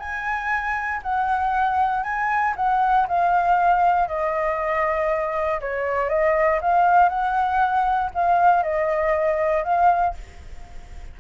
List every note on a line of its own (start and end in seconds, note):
0.00 1.02 G#5
1.03 2.04 F#5
2.04 2.55 G#5
2.57 3.07 F#5
3.08 4.08 F5
4.08 5.61 D#5
5.61 6.09 C#5
6.09 6.60 D#5
6.62 7.09 F5
7.09 8.11 F#5
8.14 8.63 F5
8.63 9.64 D#5
9.64 10.15 F5